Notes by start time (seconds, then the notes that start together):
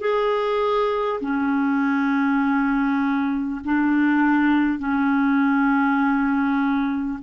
0.00 G#4
1.20 C#4
3.64 D4
4.78 C#4